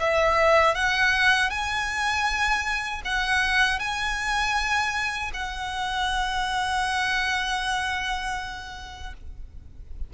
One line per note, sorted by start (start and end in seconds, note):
0.00 0.75 E5
0.75 1.50 F#5
1.50 3.02 G#5
3.05 3.79 F#5
3.79 5.31 G#5
5.34 9.14 F#5